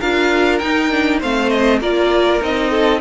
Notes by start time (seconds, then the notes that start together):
0.00 D4 F4 A#4 F5
0.59 D#4 G5
0.90 D4
1.20 A3 C4 C5 F5
1.50 D#5
1.81 A#3 F4 A#4 D5
2.41 C4 D#4 D#5
2.71 A4